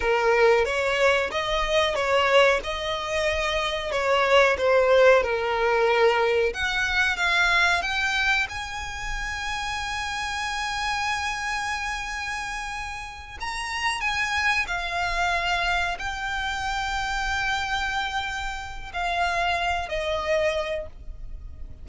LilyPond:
\new Staff \with { instrumentName = "violin" } { \time 4/4 \tempo 4 = 92 ais'4 cis''4 dis''4 cis''4 | dis''2 cis''4 c''4 | ais'2 fis''4 f''4 | g''4 gis''2.~ |
gis''1~ | gis''8 ais''4 gis''4 f''4.~ | f''8 g''2.~ g''8~ | g''4 f''4. dis''4. | }